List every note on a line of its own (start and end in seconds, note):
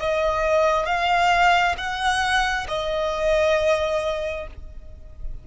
0.00 0.85 D#5
0.85 1.75 F5
1.77 2.67 F#5
2.68 4.47 D#5